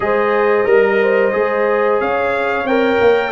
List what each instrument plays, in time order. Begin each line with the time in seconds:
0.00 tuba G#3, trombone G#4, horn C5, trumpet D#5
0.65 tuba G3, trombone A#4, horn A#4
1.02 horn C5
1.32 tuba G#3, trombone G#4
2.00 tuba C#4, horn C#5, trumpet F5
2.63 tuba C4, trombone A#4, trumpet G5
3.01 tuba A#3